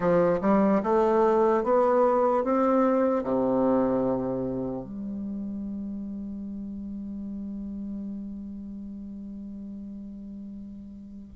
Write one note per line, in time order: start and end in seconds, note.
0.00 0.39 F3
0.41 0.81 G3
0.83 1.63 A3
1.63 2.44 B3
2.44 3.23 C4
3.23 4.84 C3
4.84 11.33 G3